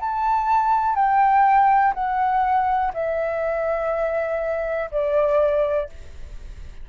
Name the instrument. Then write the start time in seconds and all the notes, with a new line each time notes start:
flute
0.00 A5
0.95 G5
1.94 F#5
2.93 E5
4.91 D5